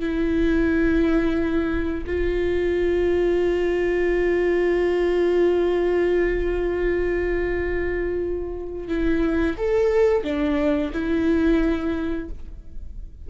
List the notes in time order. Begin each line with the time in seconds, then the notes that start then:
0.00 E4
2.06 F4
8.89 E4
9.58 A4
10.24 D4
10.93 E4